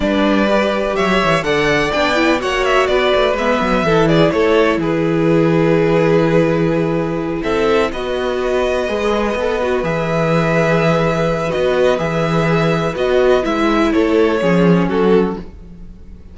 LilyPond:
<<
  \new Staff \with { instrumentName = "violin" } { \time 4/4 \tempo 4 = 125 d''2 e''4 fis''4 | g''4 fis''8 e''8 d''4 e''4~ | e''8 d''8 cis''4 b'2~ | b'2.~ b'8 e''8~ |
e''8 dis''2.~ dis''8~ | dis''8 e''2.~ e''8 | dis''4 e''2 dis''4 | e''4 cis''2 a'4 | }
  \new Staff \with { instrumentName = "violin" } { \time 4/4 b'2 cis''4 d''4~ | d''4 cis''4 b'2 | a'8 gis'8 a'4 gis'2~ | gis'2.~ gis'8 a'8~ |
a'8 b'2.~ b'8~ | b'1~ | b'1~ | b'4 a'4 gis'4 fis'4 | }
  \new Staff \with { instrumentName = "viola" } { \time 4/4 d'4 g'2 a'4 | d'8 e'8 fis'2 b4 | e'1~ | e'1~ |
e'8 fis'2 gis'4 a'8 | fis'8 gis'2.~ gis'8 | fis'4 gis'2 fis'4 | e'2 cis'2 | }
  \new Staff \with { instrumentName = "cello" } { \time 4/4 g2 fis8 e8 d4 | b4 ais4 b8 a8 gis8 fis8 | e4 a4 e2~ | e2.~ e8 c'8~ |
c'8 b2 gis4 b8~ | b8 e2.~ e8 | b4 e2 b4 | gis4 a4 f4 fis4 | }
>>